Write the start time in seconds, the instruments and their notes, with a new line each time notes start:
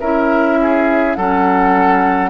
0.00 bassoon C#4, clarinet E4, oboe A#4, flute E5
0.62 oboe G#4
1.15 bassoon F#3, clarinet C#4, oboe A4, flute F#5